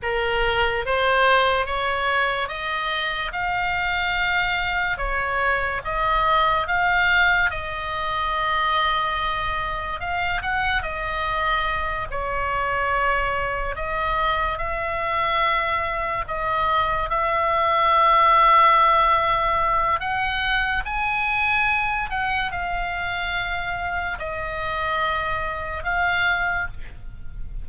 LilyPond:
\new Staff \with { instrumentName = "oboe" } { \time 4/4 \tempo 4 = 72 ais'4 c''4 cis''4 dis''4 | f''2 cis''4 dis''4 | f''4 dis''2. | f''8 fis''8 dis''4. cis''4.~ |
cis''8 dis''4 e''2 dis''8~ | dis''8 e''2.~ e''8 | fis''4 gis''4. fis''8 f''4~ | f''4 dis''2 f''4 | }